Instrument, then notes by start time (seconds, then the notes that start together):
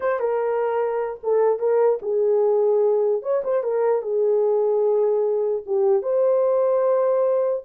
horn
0.00 C5
0.19 A#4
1.23 A4
1.59 A#4
2.02 G#4
3.22 C#5
3.44 C5
3.63 A#4
4.01 G#4
5.66 G4
6.02 C5